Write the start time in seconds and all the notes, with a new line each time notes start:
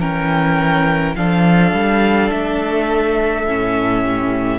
0.00 E3 C#4 A#4 G5
1.16 F3 D4 A4 F5
1.73 G3
2.31 A3 E5
3.46 A2 C#4
4.03 G4